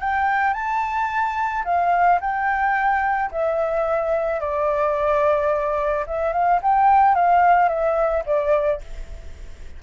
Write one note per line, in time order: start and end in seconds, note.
0.00 0.53 G5
0.53 1.63 A5
1.64 2.19 F5
2.20 3.30 G5
3.32 4.40 E5
4.40 6.05 D5
6.07 6.33 E5
6.33 6.60 F5
6.62 7.15 G5
7.15 7.69 F5
7.69 8.24 E5
8.26 8.81 D5